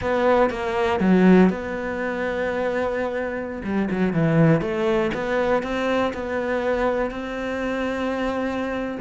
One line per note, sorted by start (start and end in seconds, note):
0.01 0.50 B3
0.50 1.00 A#3
1.00 1.49 F#3
1.49 3.62 B3
3.64 3.89 G3
3.90 4.13 F#3
4.13 4.61 E3
4.61 5.11 A3
5.14 5.62 B3
5.62 6.12 C4
6.13 7.10 B3
7.10 8.98 C4